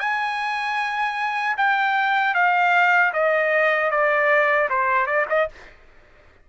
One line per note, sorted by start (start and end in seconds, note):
0.00 1.56 G#5
1.58 2.35 G5
2.35 3.13 F5
3.13 3.91 D#5
3.91 4.69 D5
4.70 5.06 C5
5.06 5.26 D5
5.30 5.49 D#5